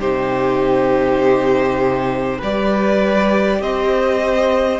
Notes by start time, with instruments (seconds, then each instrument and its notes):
0.00 cello C3, viola D#4, violin G4 C5
2.39 cello G3, viola G4, violin B4 D5
3.61 cello C4, violin C5 D#5